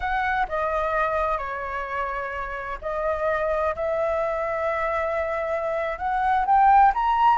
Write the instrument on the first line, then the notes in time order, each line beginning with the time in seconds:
flute
0.00 F#5
0.48 D#5
1.37 C#5
2.81 D#5
3.75 E5
5.98 F#5
6.45 G5
6.94 A#5